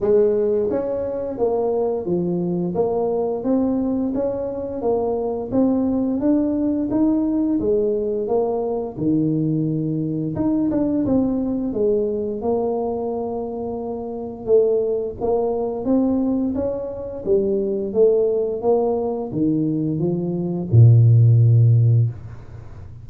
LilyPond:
\new Staff \with { instrumentName = "tuba" } { \time 4/4 \tempo 4 = 87 gis4 cis'4 ais4 f4 | ais4 c'4 cis'4 ais4 | c'4 d'4 dis'4 gis4 | ais4 dis2 dis'8 d'8 |
c'4 gis4 ais2~ | ais4 a4 ais4 c'4 | cis'4 g4 a4 ais4 | dis4 f4 ais,2 | }